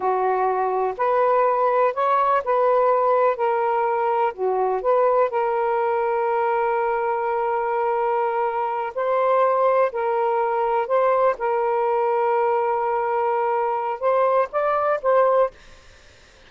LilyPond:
\new Staff \with { instrumentName = "saxophone" } { \time 4/4 \tempo 4 = 124 fis'2 b'2 | cis''4 b'2 ais'4~ | ais'4 fis'4 b'4 ais'4~ | ais'1~ |
ais'2~ ais'8 c''4.~ | c''8 ais'2 c''4 ais'8~ | ais'1~ | ais'4 c''4 d''4 c''4 | }